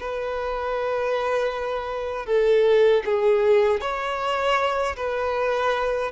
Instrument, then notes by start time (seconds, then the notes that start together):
violin
0.00 B4
2.26 A4
3.05 G#4
3.81 C#5
4.97 B4